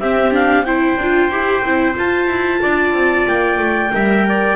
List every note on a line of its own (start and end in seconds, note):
0.00 0.98 C4
0.00 0.32 C4
0.00 0.66 G4
0.00 0.33 E5
0.32 0.64 D4
0.32 0.64 F5
0.64 0.99 E4
0.64 2.62 C5
0.64 1.95 G5
0.98 1.30 D4
0.98 1.31 F4
1.31 1.63 E4
1.31 1.64 G4
1.64 1.97 C4
1.64 1.94 E4
1.94 3.90 F4
1.94 2.27 F4
1.94 3.28 A5
2.27 2.60 E4
2.62 2.93 D4
2.62 3.93 D5
2.93 3.26 C4
3.27 3.59 A#3
3.27 4.57 G5
3.59 3.91 A3
3.93 4.57 G3
3.93 4.57 A#4
3.93 4.28 E5
4.29 4.57 D5